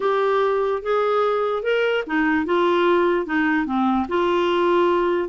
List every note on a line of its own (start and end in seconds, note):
0.00 0.82 G4
0.82 1.63 G#4
1.63 2.03 A#4
2.06 2.45 D#4
2.45 3.26 F4
3.26 3.66 D#4
3.66 4.06 C4
4.08 5.28 F4